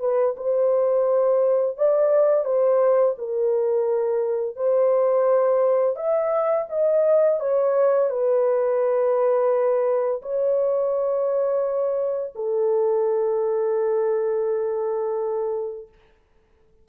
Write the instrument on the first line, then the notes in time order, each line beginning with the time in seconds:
horn
0.00 B4
0.37 C5
1.77 D5
2.45 C5
3.18 A#4
4.56 C5
5.96 E5
6.70 D#5
7.41 C#5
8.10 B4
10.22 C#5
12.36 A4